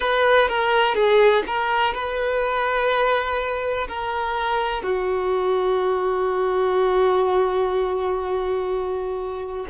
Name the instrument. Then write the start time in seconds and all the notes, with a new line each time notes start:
violin
0.00 B4
0.48 A#4
0.95 G#4
1.46 A#4
1.94 B4
3.88 A#4
4.82 F#4